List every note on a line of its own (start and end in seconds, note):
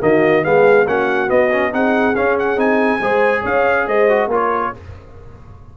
0.00 0.45 D#3
0.00 0.43 A#3
0.00 0.44 F#4
0.00 0.44 D#5
0.43 0.87 G#3
0.43 0.86 B3
0.43 0.86 G#4
0.43 0.87 F5
0.86 1.30 A#3
0.86 1.28 C#4
0.86 1.72 F#4
0.86 1.30 F#5
1.28 1.49 B3
1.28 1.73 B3
1.28 1.73 D#5
1.52 1.71 C#4
1.71 2.16 C4
1.71 2.14 D#4
1.71 3.01 G#4
1.71 2.15 F#5
2.15 2.57 C#4
2.15 2.56 C#4
2.15 2.37 F5
2.39 2.59 F#5
2.56 2.99 C4
2.56 2.99 D#4
2.56 3.45 G#5
3.01 3.44 G#3
3.01 4.09 G#4
3.01 3.41 C5
3.41 3.87 C#4
3.41 3.84 C#5
3.41 3.87 F5
3.87 4.27 G#3
3.87 4.29 C5
3.87 4.30 D#5
4.09 4.30 F#4
4.27 4.70 A#3
4.27 4.74 F4
4.27 4.72 A#4
4.34 4.77 C#5